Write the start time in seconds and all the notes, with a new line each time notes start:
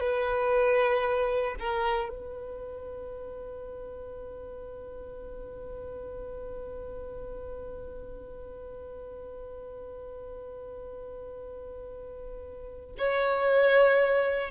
0.00 B4
1.60 A#4
2.10 B4
12.98 C#5